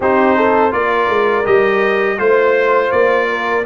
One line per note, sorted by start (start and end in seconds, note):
0.00 0.72 C4
0.00 0.70 D#4
0.00 0.36 G4
0.00 0.72 C5
0.36 0.72 A4
0.70 1.08 A#3
0.70 1.43 F4
0.70 2.19 A#4
0.70 1.45 D5
1.08 1.45 G#3
1.44 2.18 G3
1.44 2.18 G4
1.44 2.18 D#5
2.18 2.92 A3
2.18 3.64 F4
2.18 2.91 C5
2.18 3.28 C5
2.91 3.65 A#3
2.91 3.64 D5
3.28 3.64 A#4